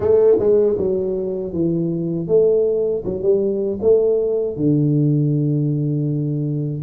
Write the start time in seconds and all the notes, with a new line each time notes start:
0.00 A3
0.39 G#3
0.78 F#3
1.53 E3
2.28 A3
3.04 F#3
3.22 G3
3.81 A3
4.56 D3